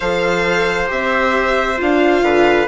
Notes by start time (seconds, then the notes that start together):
0.00 F3 A4 C5 F5
0.87 C4 G4 E5
1.77 D4 F4 F5
2.22 D3 B4